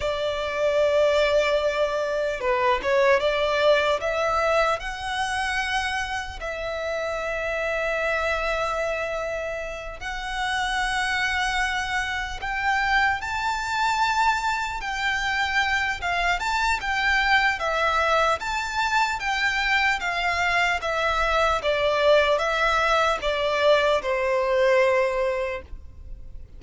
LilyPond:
\new Staff \with { instrumentName = "violin" } { \time 4/4 \tempo 4 = 75 d''2. b'8 cis''8 | d''4 e''4 fis''2 | e''1~ | e''8 fis''2. g''8~ |
g''8 a''2 g''4. | f''8 a''8 g''4 e''4 a''4 | g''4 f''4 e''4 d''4 | e''4 d''4 c''2 | }